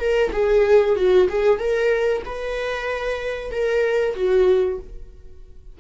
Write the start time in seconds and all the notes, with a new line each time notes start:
0.00 A#4
0.33 G#4
0.96 F#4
1.29 G#4
1.59 A#4
2.25 B4
3.52 A#4
4.15 F#4